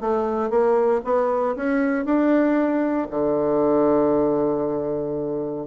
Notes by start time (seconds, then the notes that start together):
0.00 A3
0.50 A#3
1.04 B3
1.55 C#4
2.05 D4
3.10 D3